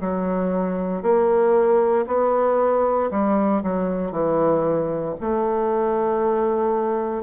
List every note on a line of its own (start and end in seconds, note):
0.00 1.02 F#3
1.02 2.05 A#3
2.06 3.10 B3
3.10 3.62 G3
3.63 4.11 F#3
4.11 5.14 E3
5.20 7.23 A3